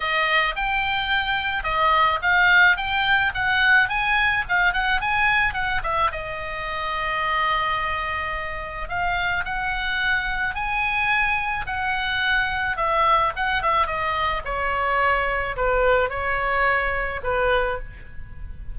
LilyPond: \new Staff \with { instrumentName = "oboe" } { \time 4/4 \tempo 4 = 108 dis''4 g''2 dis''4 | f''4 g''4 fis''4 gis''4 | f''8 fis''8 gis''4 fis''8 e''8 dis''4~ | dis''1 |
f''4 fis''2 gis''4~ | gis''4 fis''2 e''4 | fis''8 e''8 dis''4 cis''2 | b'4 cis''2 b'4 | }